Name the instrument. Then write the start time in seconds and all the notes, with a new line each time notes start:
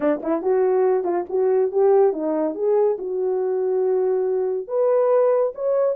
horn
0.00 D4
0.22 E4
0.42 F#4
1.04 F4
1.29 F#4
1.71 G4
2.13 D#4
2.54 G#4
2.98 F#4
4.67 B4
5.55 C#5